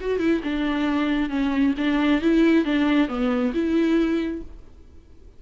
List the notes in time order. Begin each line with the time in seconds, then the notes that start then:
0.00 F#4
0.19 E4
0.43 D4
1.29 C#4
1.77 D4
2.21 E4
2.64 D4
3.08 B3
3.54 E4